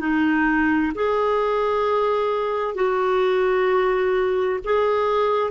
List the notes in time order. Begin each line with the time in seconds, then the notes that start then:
0.00 D#4
0.95 G#4
2.75 F#4
4.64 G#4